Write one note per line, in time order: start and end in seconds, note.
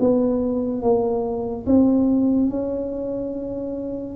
0.00 0.82 B3
0.82 1.66 A#3
1.66 2.50 C4
2.50 4.16 C#4